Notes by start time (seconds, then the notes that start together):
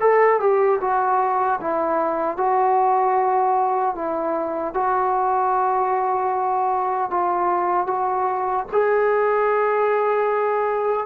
0.00 A4
0.40 G4
0.80 F#4
1.60 E4
2.37 F#4
3.95 E4
4.73 F#4
7.10 F4
7.87 F#4
8.72 G#4